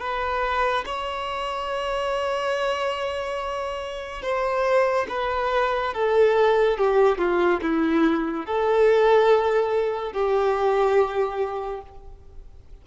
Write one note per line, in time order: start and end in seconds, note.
0.00 0.85 B4
0.86 4.22 C#5
4.22 5.07 C5
5.09 5.93 B4
5.94 6.78 A4
6.78 7.18 G4
7.18 7.60 F4
7.62 8.46 E4
8.46 10.12 A4
10.12 11.81 G4